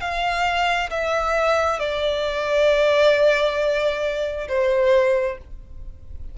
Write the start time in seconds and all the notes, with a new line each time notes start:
0.00 F5
0.90 E5
1.79 D5
4.48 C5